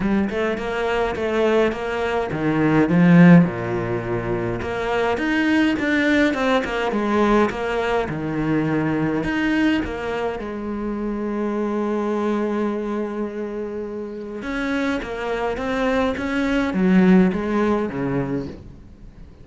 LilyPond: \new Staff \with { instrumentName = "cello" } { \time 4/4 \tempo 4 = 104 g8 a8 ais4 a4 ais4 | dis4 f4 ais,2 | ais4 dis'4 d'4 c'8 ais8 | gis4 ais4 dis2 |
dis'4 ais4 gis2~ | gis1~ | gis4 cis'4 ais4 c'4 | cis'4 fis4 gis4 cis4 | }